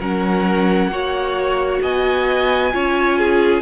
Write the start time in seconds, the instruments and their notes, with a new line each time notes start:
0.00 cello F#3, viola C#4, violin A#4 F#5
0.89 cello A#3, viola F#4, violin C#5
1.83 cello B3, violin D#5 G#5
2.72 cello C#4, viola F4, violin C#5
3.19 violin G#4